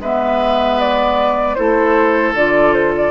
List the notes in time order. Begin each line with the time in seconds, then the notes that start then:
0.00 G#3 B3 B4 E5
0.80 D5
1.56 A3 E4 A4 C5
2.34 D3 F4 D5
2.74 C5
2.97 D5